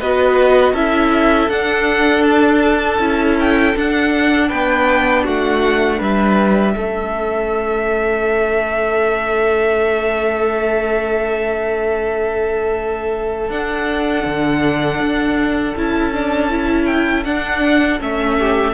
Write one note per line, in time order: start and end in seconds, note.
0.00 0.73 B3
0.00 0.76 F#4
0.00 0.73 B4
0.00 0.76 D#5
0.73 1.48 C#4
0.73 1.51 E4
0.73 4.48 A4
0.73 1.50 E5
1.49 2.99 D4
1.49 3.00 D4
1.49 2.24 F#5
2.24 3.36 A5
2.99 3.74 C#4
2.99 3.75 E4
3.40 3.78 G5
3.76 4.51 D4
3.76 6.75 D4
3.76 4.50 F#5
4.49 5.27 B3
4.49 5.24 B4
4.49 5.25 G5
5.25 6.01 A3
5.25 5.99 F#4
5.25 6.02 F#5
5.99 6.76 G3
5.99 6.74 B4
5.99 13.51 E5
6.75 13.50 A3
6.75 13.50 C#4
6.75 18.39 A4
13.50 14.25 D4
13.50 15.77 D4
13.50 15.76 F#5
14.26 15.00 D3
15.00 15.75 D4
15.77 17.26 C#4
15.77 16.14 E4
15.77 16.86 A5
16.14 16.51 D4
16.51 17.25 E4
16.86 17.24 G5
17.25 18.00 D4
17.25 18.01 D4
17.25 18.00 F#5
18.00 18.75 A3
18.00 18.75 C#4
18.00 18.75 E5
18.39 18.75 G4